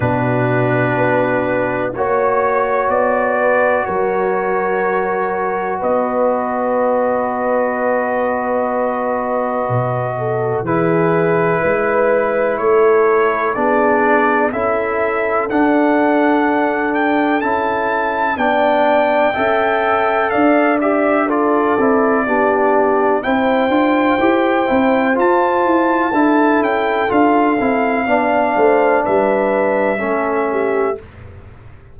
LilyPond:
<<
  \new Staff \with { instrumentName = "trumpet" } { \time 4/4 \tempo 4 = 62 b'2 cis''4 d''4 | cis''2 dis''2~ | dis''2. b'4~ | b'4 cis''4 d''4 e''4 |
fis''4. g''8 a''4 g''4~ | g''4 f''8 e''8 d''2 | g''2 a''4. g''8 | f''2 e''2 | }
  \new Staff \with { instrumentName = "horn" } { \time 4/4 fis'2 cis''4. b'8 | ais'2 b'2~ | b'2~ b'8 a'8 gis'4 | b'4 a'4 gis'4 a'4~ |
a'2. d''4 | e''4 d''4 a'4 g'4 | c''2. a'4~ | a'4 d''8 c''8 b'4 a'8 g'8 | }
  \new Staff \with { instrumentName = "trombone" } { \time 4/4 d'2 fis'2~ | fis'1~ | fis'2. e'4~ | e'2 d'4 e'4 |
d'2 e'4 d'4 | a'4. g'8 f'8 e'8 d'4 | e'8 f'8 g'8 e'8 f'4 e'4 | f'8 e'8 d'2 cis'4 | }
  \new Staff \with { instrumentName = "tuba" } { \time 4/4 b,4 b4 ais4 b4 | fis2 b2~ | b2 b,4 e4 | gis4 a4 b4 cis'4 |
d'2 cis'4 b4 | cis'4 d'4. c'8 b4 | c'8 d'8 e'8 c'8 f'8 e'8 d'8 cis'8 | d'8 c'8 b8 a8 g4 a4 | }
>>